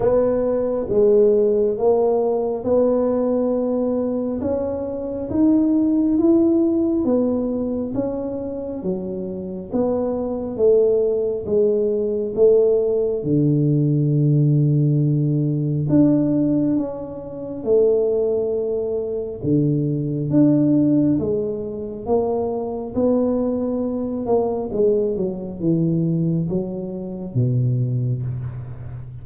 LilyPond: \new Staff \with { instrumentName = "tuba" } { \time 4/4 \tempo 4 = 68 b4 gis4 ais4 b4~ | b4 cis'4 dis'4 e'4 | b4 cis'4 fis4 b4 | a4 gis4 a4 d4~ |
d2 d'4 cis'4 | a2 d4 d'4 | gis4 ais4 b4. ais8 | gis8 fis8 e4 fis4 b,4 | }